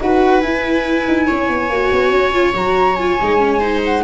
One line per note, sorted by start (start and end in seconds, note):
0.00 0.42 D#4
0.00 0.41 F#4
0.00 1.26 B4
0.00 0.40 F#5
0.40 1.68 E4
0.40 1.06 E4
0.40 2.53 G#5
1.08 1.29 D#4
1.26 1.48 C#4
1.26 3.59 C#5
1.48 1.69 B3
1.69 1.91 A#3
1.69 2.32 F#4
1.91 2.10 B3
2.10 2.53 C#4
2.32 2.53 F4
2.53 3.17 F#3
2.53 2.96 F#4
2.53 2.95 A#5
2.95 3.20 F4
2.95 3.80 G#5
3.21 4.03 G#3
3.21 3.38 D#4
3.38 3.59 C#4
3.59 4.03 D#4
3.59 4.02 C5
3.84 4.03 F#5